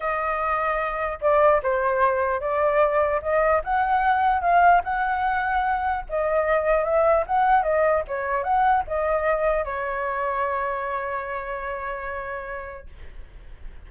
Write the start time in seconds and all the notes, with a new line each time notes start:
0.00 D#5
1.21 D5
1.62 C5
2.40 D5
3.21 D#5
3.64 F#5
4.41 F5
4.83 F#5
6.09 D#5
6.84 E5
7.27 F#5
7.62 D#5
8.07 C#5
8.43 F#5
8.87 D#5
9.64 C#5